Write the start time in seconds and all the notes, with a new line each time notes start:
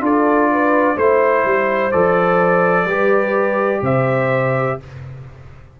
0.00 D4 F4 A4 D5
0.51 B4
0.95 A3 E4 C5
1.44 G3
1.91 F3 A4 D5
2.85 G3 G4 B4
3.82 C3 C5 E5